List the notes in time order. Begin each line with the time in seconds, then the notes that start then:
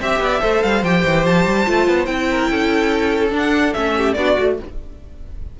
0.00 C4 G4 E5
0.21 B3 D5
0.41 A3 A4 C5
0.63 G3 F5
0.83 F3 G4 G5
1.05 E3
1.26 F3 A5
1.46 G3
1.66 A3 F4
1.88 B3
2.06 C4 E4 G5
2.30 A#4
2.50 C#4 A4
3.30 D4
3.38 F#5
3.74 A3 C#4 E5
3.96 G4
4.14 B3 D4 F#4 D5
4.38 A3 F#4